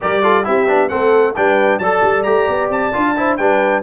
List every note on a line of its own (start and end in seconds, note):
0.00 0.47 G3
0.00 0.22 G4
0.00 0.23 A#4
0.00 0.45 D5
0.22 0.44 F4
0.22 0.45 A4
0.44 0.68 C4
0.44 0.66 E4
0.44 0.90 G4
0.44 0.89 E5
0.67 0.91 B3
0.67 0.89 D4
0.89 1.36 A3
0.89 1.34 C4
0.89 1.36 A4
0.89 1.34 F#5
1.35 1.78 G3
1.35 1.81 D4
1.35 1.79 B4
1.35 1.78 G5
1.78 2.01 F#3
1.78 2.24 A4
1.78 3.14 D5
1.78 2.23 A5
2.03 2.25 G3
2.23 2.48 A3
2.23 2.92 G4
2.23 2.68 A#5
2.48 2.69 B3
2.69 2.91 C4
2.69 3.36 A5
2.93 3.38 D4
2.93 3.15 F4
3.16 3.39 E4
3.16 3.38 C5
3.36 3.82 G3
3.36 3.82 D4
3.36 3.82 B4
3.36 3.81 G5